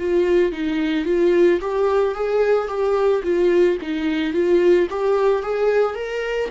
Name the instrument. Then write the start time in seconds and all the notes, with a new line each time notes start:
viola
0.00 F4
0.52 D#4
1.06 F4
1.61 G4
2.15 G#4
2.68 G4
3.23 F4
3.82 D#4
4.33 F4
4.90 G4
5.43 G#4
5.95 A#4